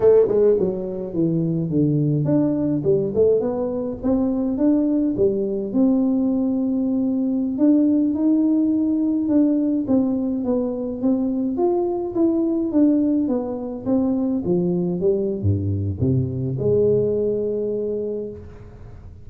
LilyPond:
\new Staff \with { instrumentName = "tuba" } { \time 4/4 \tempo 4 = 105 a8 gis8 fis4 e4 d4 | d'4 g8 a8 b4 c'4 | d'4 g4 c'2~ | c'4~ c'16 d'4 dis'4.~ dis'16~ |
dis'16 d'4 c'4 b4 c'8.~ | c'16 f'4 e'4 d'4 b8.~ | b16 c'4 f4 g8. g,4 | c4 gis2. | }